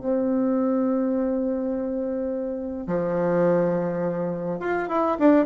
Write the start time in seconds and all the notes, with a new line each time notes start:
0.00 C4
2.87 F3
4.60 F4
4.89 E4
5.19 D4